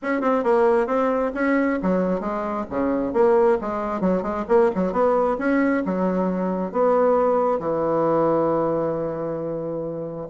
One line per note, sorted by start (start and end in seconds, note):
0.02 0.21 C#4
0.21 0.43 C4
0.43 0.86 A#3
0.86 1.31 C4
1.34 1.79 C#4
1.82 2.20 F#3
2.20 2.65 G#3
2.70 3.13 C#3
3.13 3.57 A#3
3.61 4.01 G#3
4.01 4.22 F#3
4.22 4.45 G#3
4.48 4.70 A#3
4.75 4.92 F#3
4.92 5.37 B3
5.38 5.83 C#4
5.85 6.71 F#3
6.71 7.59 B3
7.59 10.28 E3